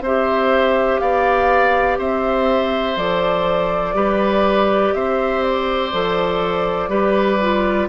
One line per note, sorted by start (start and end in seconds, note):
0.00 0.98 C4
0.00 2.97 G4
0.00 1.00 C5
0.00 0.98 E5
0.98 1.98 B3
0.98 1.98 D5
0.98 1.97 F5
1.98 2.96 C4
1.98 3.94 C5
1.98 2.98 E5
2.96 3.94 F3
2.96 3.94 A4
2.96 4.93 D5
3.94 4.92 G3
3.94 5.91 G4
3.94 4.94 B4
4.93 5.92 C4
4.93 6.90 C5
4.93 5.42 E5
5.42 7.88 D5
5.92 6.88 F3
5.92 6.89 A4
6.88 7.87 G3
6.88 7.38 G4
6.88 7.88 B4
7.41 7.89 F4